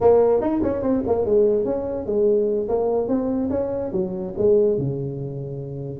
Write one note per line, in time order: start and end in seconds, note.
0.00 0.41 A#3
0.41 0.61 D#4
0.63 0.82 C#4
0.82 1.03 C4
1.06 1.25 A#3
1.25 1.65 G#3
1.65 2.06 C#4
2.06 2.68 G#3
2.68 3.08 A#3
3.08 3.49 C4
3.50 3.91 C#4
3.92 4.34 F#3
4.37 4.78 G#3
4.78 5.99 C#3